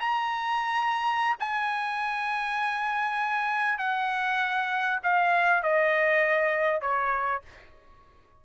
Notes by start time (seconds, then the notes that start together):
0.00 A#5
1.40 G#5
3.79 F#5
5.03 F5
5.63 D#5
6.81 C#5